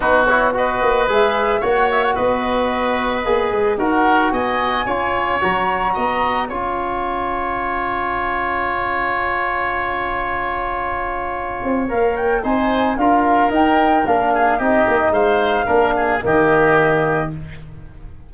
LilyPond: <<
  \new Staff \with { instrumentName = "flute" } { \time 4/4 \tempo 4 = 111 b'8 cis''8 dis''4 e''4 fis''8 e''16 fis''16 | dis''2. fis''4 | gis''2 ais''2 | gis''1~ |
gis''1~ | gis''2 f''8 g''8 gis''4 | f''4 g''4 f''4 dis''4 | f''2 dis''2 | }
  \new Staff \with { instrumentName = "oboe" } { \time 4/4 fis'4 b'2 cis''4 | b'2. ais'4 | dis''4 cis''2 dis''4 | cis''1~ |
cis''1~ | cis''2. c''4 | ais'2~ ais'8 gis'8 g'4 | c''4 ais'8 gis'8 g'2 | }
  \new Staff \with { instrumentName = "trombone" } { \time 4/4 dis'8 e'8 fis'4 gis'4 fis'4~ | fis'2 gis'4 fis'4~ | fis'4 f'4 fis'2 | f'1~ |
f'1~ | f'2 ais'4 dis'4 | f'4 dis'4 d'4 dis'4~ | dis'4 d'4 ais2 | }
  \new Staff \with { instrumentName = "tuba" } { \time 4/4 b4. ais8 gis4 ais4 | b2 ais8 gis8 dis'4 | b4 cis'4 fis4 b4 | cis'1~ |
cis'1~ | cis'4. c'8 ais4 c'4 | d'4 dis'4 ais4 c'8 ais8 | gis4 ais4 dis2 | }
>>